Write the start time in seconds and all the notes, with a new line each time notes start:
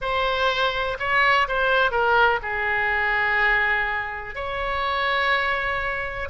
0.01 C5
0.99 C#5
1.48 C5
1.91 A#4
2.42 G#4
4.35 C#5